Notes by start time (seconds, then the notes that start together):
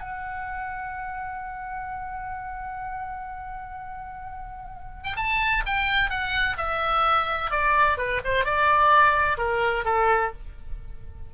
0.00 F#5
5.04 G5
5.16 A5
5.66 G5
6.10 F#5
6.57 E5
7.51 D5
7.97 B4
8.24 C5
8.45 D5
9.37 A#4
9.85 A4